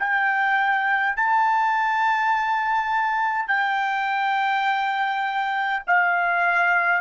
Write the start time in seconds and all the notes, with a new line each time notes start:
0.00 G5
1.17 A5
3.48 G5
5.87 F5